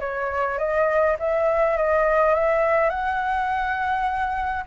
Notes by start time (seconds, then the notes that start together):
0.00 C#5
0.58 D#5
1.19 E5
1.77 D#5
2.34 E5
2.89 F#5